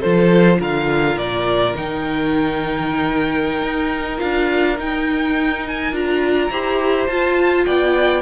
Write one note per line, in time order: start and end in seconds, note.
0.00 0.60 F3
0.00 1.75 F4
0.00 0.58 A4
0.00 0.60 C5
0.60 1.17 D3
0.60 6.51 A#4
0.60 1.18 F5
1.17 1.75 A#2
1.17 1.76 D5
1.75 3.63 D#3
1.75 4.19 D#4
1.75 4.19 G5
3.63 4.20 D#4
4.19 4.79 D4
4.19 4.76 F4
4.19 4.77 F5
4.78 5.93 D#4
4.78 5.67 G5
5.68 5.96 G#5
5.93 6.50 D4
5.93 6.51 F4
5.93 7.07 A#5
6.50 7.08 E4
6.50 7.09 G4
6.50 7.66 C5
7.07 7.66 F4
7.07 8.23 F4
7.07 7.65 A5
7.65 8.23 B3
7.65 8.23 D5
7.65 8.23 G5